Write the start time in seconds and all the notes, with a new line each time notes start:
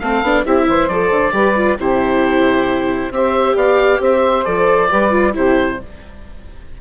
0.00 A3 C4 A4 F5
0.22 B3 D4
0.43 C4 E4 G4 E5
0.68 E3 C5
0.89 F3 A4 D5
1.11 D3
1.32 G3 G4 B4
1.56 F4
1.79 C3 E4 G4 C5
3.11 C4 G4 C5 E5
3.55 B3 D5 F5
4.00 C4 C5 E5
4.45 F3 A4 D5
4.90 G3 G4 B4
5.11 F4
5.34 C3 E4 G4 C5